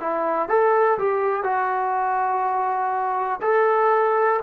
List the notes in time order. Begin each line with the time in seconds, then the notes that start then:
0.00 E4
0.48 A4
0.98 G4
1.43 F#4
3.41 A4